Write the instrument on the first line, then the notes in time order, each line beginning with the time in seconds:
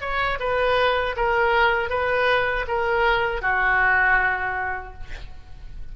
oboe
0.00 C#5
0.39 B4
1.16 A#4
1.89 B4
2.67 A#4
3.41 F#4